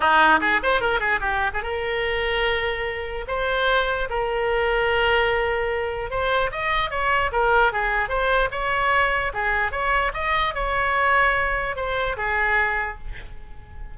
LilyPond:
\new Staff \with { instrumentName = "oboe" } { \time 4/4 \tempo 4 = 148 dis'4 gis'8 c''8 ais'8 gis'8 g'8. gis'16 | ais'1 | c''2 ais'2~ | ais'2. c''4 |
dis''4 cis''4 ais'4 gis'4 | c''4 cis''2 gis'4 | cis''4 dis''4 cis''2~ | cis''4 c''4 gis'2 | }